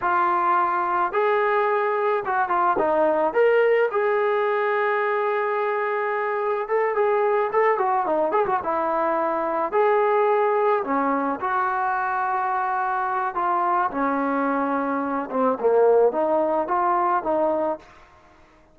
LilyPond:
\new Staff \with { instrumentName = "trombone" } { \time 4/4 \tempo 4 = 108 f'2 gis'2 | fis'8 f'8 dis'4 ais'4 gis'4~ | gis'1 | a'8 gis'4 a'8 fis'8 dis'8 gis'16 fis'16 e'8~ |
e'4. gis'2 cis'8~ | cis'8 fis'2.~ fis'8 | f'4 cis'2~ cis'8 c'8 | ais4 dis'4 f'4 dis'4 | }